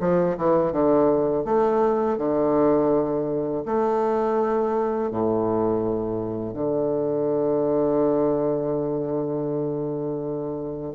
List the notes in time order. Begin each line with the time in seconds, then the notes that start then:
0.00 F3
0.37 E3
0.72 D3
1.44 A3
2.18 D3
3.65 A3
5.11 A2
6.54 D3